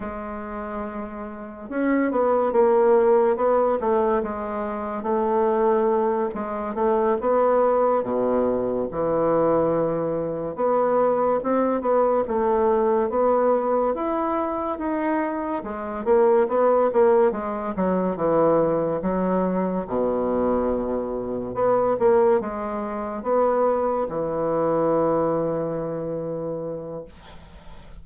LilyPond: \new Staff \with { instrumentName = "bassoon" } { \time 4/4 \tempo 4 = 71 gis2 cis'8 b8 ais4 | b8 a8 gis4 a4. gis8 | a8 b4 b,4 e4.~ | e8 b4 c'8 b8 a4 b8~ |
b8 e'4 dis'4 gis8 ais8 b8 | ais8 gis8 fis8 e4 fis4 b,8~ | b,4. b8 ais8 gis4 b8~ | b8 e2.~ e8 | }